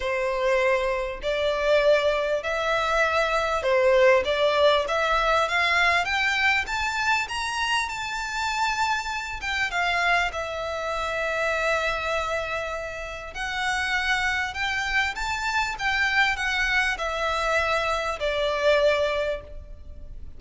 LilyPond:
\new Staff \with { instrumentName = "violin" } { \time 4/4 \tempo 4 = 99 c''2 d''2 | e''2 c''4 d''4 | e''4 f''4 g''4 a''4 | ais''4 a''2~ a''8 g''8 |
f''4 e''2.~ | e''2 fis''2 | g''4 a''4 g''4 fis''4 | e''2 d''2 | }